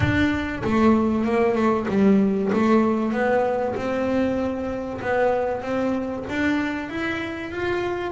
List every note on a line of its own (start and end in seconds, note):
0.00 0.62 D4
0.64 1.24 A3
1.24 1.55 A#3
1.55 1.86 A3
1.88 2.50 G3
2.52 3.12 A3
3.12 3.75 B3
3.75 5.00 C4
5.01 5.62 B3
5.62 6.24 C4
6.29 6.89 D4
6.89 7.51 E4
7.51 8.11 F4